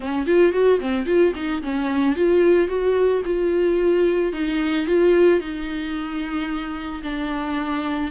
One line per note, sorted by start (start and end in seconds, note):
0.00 0.26 C#4
0.26 0.52 F4
0.52 0.79 F#4
0.80 1.06 C4
1.06 1.33 F4
1.35 1.62 D#4
1.62 2.16 C#4
2.16 2.68 F4
2.68 3.22 F#4
3.25 4.32 F4
4.32 4.86 D#4
4.86 5.39 F4
5.39 7.01 D#4
7.03 8.11 D4